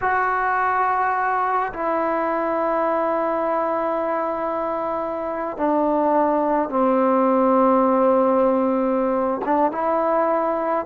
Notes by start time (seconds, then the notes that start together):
0.01 F#4
1.73 E4
5.57 D4
6.69 C4
9.45 D4
9.71 E4